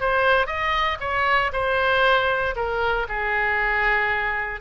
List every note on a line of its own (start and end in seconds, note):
0.00 0.46 C5
0.46 0.98 D#5
1.00 1.51 C#5
1.52 2.55 C5
2.55 3.07 A#4
3.08 4.60 G#4